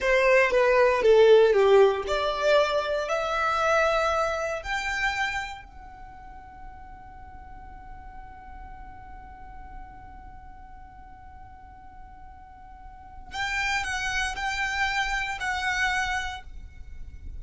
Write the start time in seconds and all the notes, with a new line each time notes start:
0.00 C5
0.51 B4
1.02 A4
1.53 G4
2.07 D5
3.08 E5
4.62 G5
5.64 F#5
13.33 G5
13.83 F#5
14.35 G5
15.40 F#5